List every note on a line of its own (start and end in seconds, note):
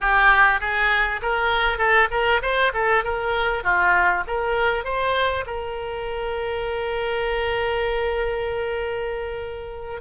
0.00 0.60 G4
0.60 1.20 G#4
1.21 1.78 A#4
1.78 2.08 A4
2.10 2.41 A#4
2.42 2.72 C5
2.73 3.03 A4
3.03 3.63 A#4
3.63 4.24 F4
4.27 4.84 A#4
4.84 5.44 C5
5.46 10.01 A#4